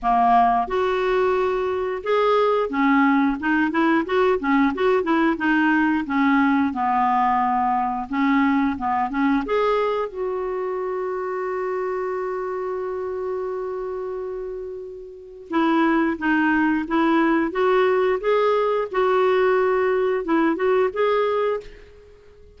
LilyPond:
\new Staff \with { instrumentName = "clarinet" } { \time 4/4 \tempo 4 = 89 ais4 fis'2 gis'4 | cis'4 dis'8 e'8 fis'8 cis'8 fis'8 e'8 | dis'4 cis'4 b2 | cis'4 b8 cis'8 gis'4 fis'4~ |
fis'1~ | fis'2. e'4 | dis'4 e'4 fis'4 gis'4 | fis'2 e'8 fis'8 gis'4 | }